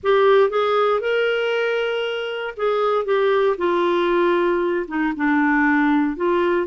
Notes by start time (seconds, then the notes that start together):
0.03 G4
0.50 G#4
1.00 A#4
2.56 G#4
3.05 G4
3.57 F4
4.87 D#4
5.16 D4
6.16 F4